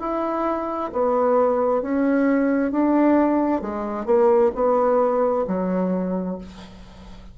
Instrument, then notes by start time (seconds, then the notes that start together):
bassoon
0.00 E4
0.93 B3
1.82 C#4
2.72 D4
3.62 G#3
4.06 A#3
4.55 B3
5.47 F#3